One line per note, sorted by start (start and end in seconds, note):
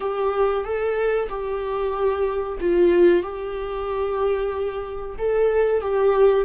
0.00 0.64 G4
0.64 1.28 A4
1.29 2.58 G4
2.60 3.23 F4
3.23 5.16 G4
5.18 5.81 A4
5.81 6.45 G4